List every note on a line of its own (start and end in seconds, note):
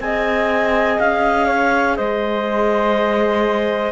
0.00 0.98 C4
0.00 3.92 G#4
0.00 1.46 D#5
0.00 0.99 G#5
0.99 1.99 C#4
0.99 1.96 F5
1.46 1.95 C#5
1.96 3.92 G#3
1.96 3.92 C5
1.96 3.92 D#5